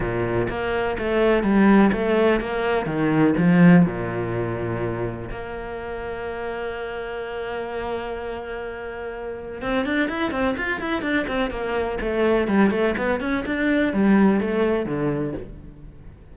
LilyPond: \new Staff \with { instrumentName = "cello" } { \time 4/4 \tempo 4 = 125 ais,4 ais4 a4 g4 | a4 ais4 dis4 f4 | ais,2. ais4~ | ais1~ |
ais1 | c'8 d'8 e'8 c'8 f'8 e'8 d'8 c'8 | ais4 a4 g8 a8 b8 cis'8 | d'4 g4 a4 d4 | }